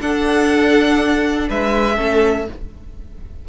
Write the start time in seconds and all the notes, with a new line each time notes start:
0.00 D4 A4 F#5
1.49 G#3 B4 E5
1.96 A3 C#4 A4